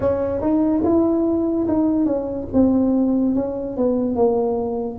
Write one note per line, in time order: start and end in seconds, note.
0.00 0.41 C#4
0.41 0.83 D#4
0.83 1.67 E4
1.67 2.05 D#4
2.05 2.47 C#4
2.53 3.35 C4
3.35 3.77 C#4
3.77 4.15 B3
4.15 4.98 A#3